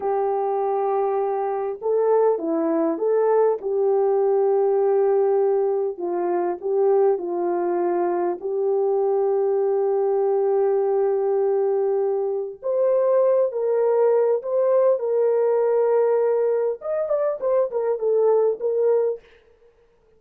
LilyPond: \new Staff \with { instrumentName = "horn" } { \time 4/4 \tempo 4 = 100 g'2. a'4 | e'4 a'4 g'2~ | g'2 f'4 g'4 | f'2 g'2~ |
g'1~ | g'4 c''4. ais'4. | c''4 ais'2. | dis''8 d''8 c''8 ais'8 a'4 ais'4 | }